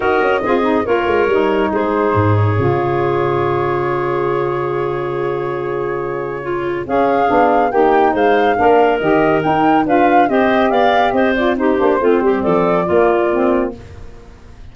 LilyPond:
<<
  \new Staff \with { instrumentName = "flute" } { \time 4/4 \tempo 4 = 140 dis''2 cis''2 | c''4. cis''2~ cis''8~ | cis''1~ | cis''1 |
f''2 g''4 f''4~ | f''4 dis''4 g''4 f''4 | dis''4 f''4 dis''8 d''8 c''4~ | c''4 d''2. | }
  \new Staff \with { instrumentName = "clarinet" } { \time 4/4 ais'4 gis'4 ais'2 | gis'1~ | gis'1~ | gis'2. f'4 |
gis'2 g'4 c''4 | ais'2. b'4 | c''4 d''4 c''4 g'4 | f'8 g'8 a'4 f'2 | }
  \new Staff \with { instrumentName = "saxophone" } { \time 4/4 fis'4 f'8 dis'8 f'4 dis'4~ | dis'2 f'2~ | f'1~ | f'1 |
cis'4 d'4 dis'2 | d'4 g'4 dis'4 f'4 | g'2~ g'8 f'8 dis'8 d'8 | c'2 ais4 c'4 | }
  \new Staff \with { instrumentName = "tuba" } { \time 4/4 dis'8 cis'8 c'4 ais8 gis8 g4 | gis4 gis,4 cis2~ | cis1~ | cis1 |
cis'4 b4 ais4 gis4 | ais4 dis4 dis'4 d'4 | c'4 b4 c'4. ais8 | a8 g8 f4 ais2 | }
>>